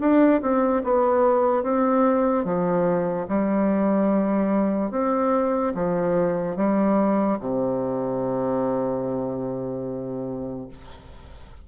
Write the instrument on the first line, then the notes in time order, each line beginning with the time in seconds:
bassoon
0.00 D4
0.41 C4
0.83 B3
1.63 C4
2.45 F3
3.28 G3
4.91 C4
5.74 F3
6.56 G3
7.39 C3